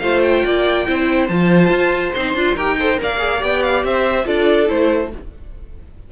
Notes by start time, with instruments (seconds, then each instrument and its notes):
0.00 cello A3, viola F4, violin C5 F5
0.23 violin G5
0.45 cello A#3, violin D5
0.87 cello C4, viola E4, violin C5
1.28 cello F3, viola F4, violin A5
1.70 cello F4
2.15 cello C4, viola D#4, violin C6
2.34 cello D4, viola F4
2.55 cello D#4, viola G4, violin A#4 G5
2.80 viola A4, violin C5
2.96 viola A#4
3.02 cello A#3, violin D5 F5
3.18 viola G#4
3.39 cello B3, viola G4, violin G5
3.63 violin F5
3.84 cello C4, violin C5 E5
4.25 cello D4, viola F4, violin A4 D5
4.67 cello A3, viola E4, violin C5